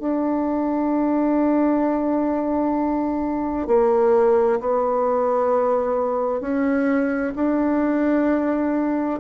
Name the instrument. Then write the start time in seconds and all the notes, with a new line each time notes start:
bassoon
0.00 D4
3.68 A#3
4.60 B3
6.41 C#4
7.36 D4